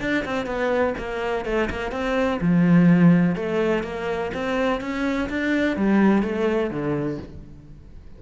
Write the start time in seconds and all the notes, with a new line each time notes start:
0.00 D4
0.24 C4
0.45 B3
0.98 A#3
1.45 A3
1.70 A#3
1.91 C4
2.40 F3
3.35 A3
3.83 A#3
4.33 C4
4.80 C#4
5.29 D4
5.76 G3
6.22 A3
6.70 D3